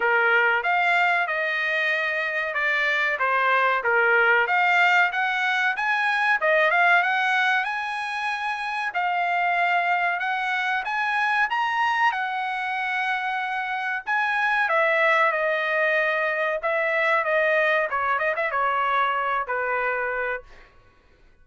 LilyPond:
\new Staff \with { instrumentName = "trumpet" } { \time 4/4 \tempo 4 = 94 ais'4 f''4 dis''2 | d''4 c''4 ais'4 f''4 | fis''4 gis''4 dis''8 f''8 fis''4 | gis''2 f''2 |
fis''4 gis''4 ais''4 fis''4~ | fis''2 gis''4 e''4 | dis''2 e''4 dis''4 | cis''8 dis''16 e''16 cis''4. b'4. | }